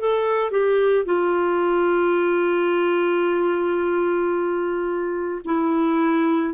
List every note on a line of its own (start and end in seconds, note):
0.00 0.51 A4
0.51 1.05 G4
1.05 5.41 F4
5.45 6.54 E4